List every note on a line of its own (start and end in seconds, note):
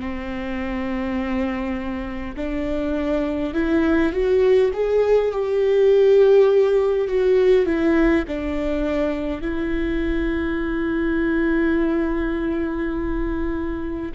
0.00 2.35 C4
2.36 3.54 D4
3.54 4.13 E4
4.13 4.72 F#4
4.73 5.32 G#4
5.32 7.08 G4
7.08 7.66 F#4
7.66 8.25 E4
8.28 9.41 D4
9.41 14.12 E4